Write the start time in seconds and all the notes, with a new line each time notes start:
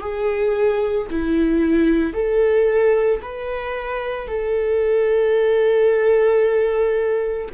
0.00 G#4
1.10 E4
2.13 A4
3.22 B4
4.27 A4